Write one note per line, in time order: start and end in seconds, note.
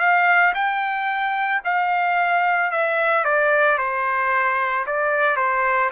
0.00 0.54 F5
0.55 1.62 G5
1.65 2.72 F5
2.72 3.25 E5
3.25 3.78 D5
3.78 4.86 C5
4.87 5.37 D5
5.37 5.90 C5